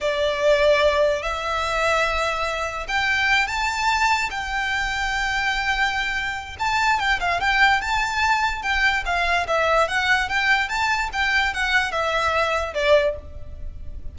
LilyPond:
\new Staff \with { instrumentName = "violin" } { \time 4/4 \tempo 4 = 146 d''2. e''4~ | e''2. g''4~ | g''8 a''2 g''4.~ | g''1 |
a''4 g''8 f''8 g''4 a''4~ | a''4 g''4 f''4 e''4 | fis''4 g''4 a''4 g''4 | fis''4 e''2 d''4 | }